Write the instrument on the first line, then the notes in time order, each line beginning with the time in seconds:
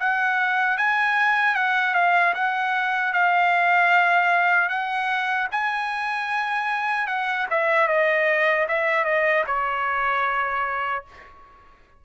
trumpet
0.00 F#5
0.78 G#5
1.55 F#5
1.94 F5
2.34 F#5
3.13 F5
4.69 F#5
5.52 G#5
7.07 F#5
7.50 E5
7.88 D#5
8.68 E5
9.05 D#5
9.47 C#5